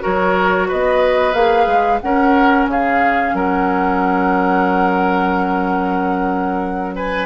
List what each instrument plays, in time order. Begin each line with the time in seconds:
0.00 bassoon F#3, clarinet F#4, oboe A#4, flute C#5
0.68 bassoon B3, oboe B4, flute D#5
1.33 bassoon A#3, clarinet G#4, flute F5
1.66 bassoon G#3
2.01 clarinet C#4, bassoon C#4, oboe A#4, flute F#5
2.66 bassoon C#3, oboe G#4, flute F5
3.33 bassoon F#3, oboe A#4, flute F#5
6.95 oboe B4, flute G#5